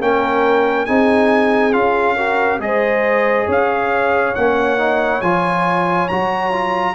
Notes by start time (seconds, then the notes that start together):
0.00 A#3 C#4 A#4 G5
0.85 C4 D#4 G#4 G#5
1.72 C#4 F4 F5
2.15 F#4 A#4
2.59 G#3 G#4 C5 D#5
3.47 C#4 C#5 F5
4.34 A#3 C#4 F#5
4.78 D#4
5.21 F3 F4 G#5
6.08 F#3 F#4 A#5
6.52 F4